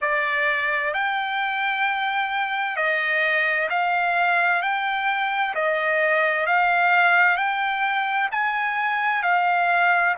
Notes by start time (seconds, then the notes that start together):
0.01 D5
0.93 G5
2.76 D#5
3.69 F5
4.62 G5
5.54 D#5
6.46 F5
7.36 G5
8.31 G#5
9.23 F5